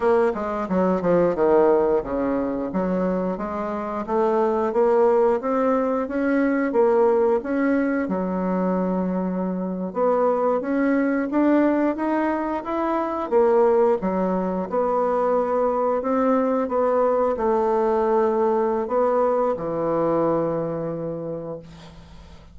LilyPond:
\new Staff \with { instrumentName = "bassoon" } { \time 4/4 \tempo 4 = 89 ais8 gis8 fis8 f8 dis4 cis4 | fis4 gis4 a4 ais4 | c'4 cis'4 ais4 cis'4 | fis2~ fis8. b4 cis'16~ |
cis'8. d'4 dis'4 e'4 ais16~ | ais8. fis4 b2 c'16~ | c'8. b4 a2~ a16 | b4 e2. | }